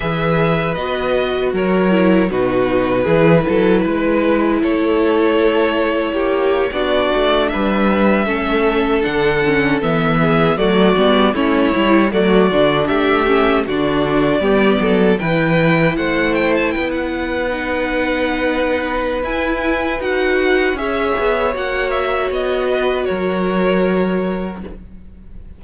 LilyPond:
<<
  \new Staff \with { instrumentName = "violin" } { \time 4/4 \tempo 4 = 78 e''4 dis''4 cis''4 b'4~ | b'2 cis''2~ | cis''8. d''4 e''2 fis''16~ | fis''8. e''4 d''4 cis''4 d''16~ |
d''8. e''4 d''2 g''16~ | g''8. fis''8 g''16 a''16 g''16 fis''2~ | fis''4 gis''4 fis''4 e''4 | fis''8 e''8 dis''4 cis''2 | }
  \new Staff \with { instrumentName = "violin" } { \time 4/4 b'2 ais'4 fis'4 | gis'8 a'8 b'4 a'2 | g'8. fis'4 b'4 a'4~ a'16~ | a'4~ a'16 gis'8 fis'4 e'4 fis'16~ |
fis'8. g'4 fis'4 g'8 a'8 b'16~ | b'8. c''4 b'2~ b'16~ | b'2. cis''4~ | cis''4. b'8 ais'2 | }
  \new Staff \with { instrumentName = "viola" } { \time 4/4 gis'4 fis'4. e'8 dis'4 | e'1~ | e'8. d'2 cis'4 d'16~ | d'16 cis'8 b4 a8 b8 cis'8 e'8 a16~ |
a16 d'4 cis'8 d'4 b4 e'16~ | e'2~ e'8. dis'4~ dis'16~ | dis'4 e'4 fis'4 gis'4 | fis'1 | }
  \new Staff \with { instrumentName = "cello" } { \time 4/4 e4 b4 fis4 b,4 | e8 fis8 gis4 a2 | ais8. b8 a8 g4 a4 d16~ | d8. e4 fis8 g8 a8 g8 fis16~ |
fis16 d8 a4 d4 g8 fis8 e16~ | e8. a4 b2~ b16~ | b4 e'4 dis'4 cis'8 b8 | ais4 b4 fis2 | }
>>